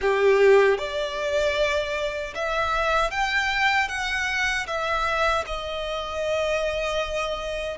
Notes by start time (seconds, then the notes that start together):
0.01 G4
0.78 D5
2.34 E5
3.10 G5
3.88 F#5
4.66 E5
5.46 D#5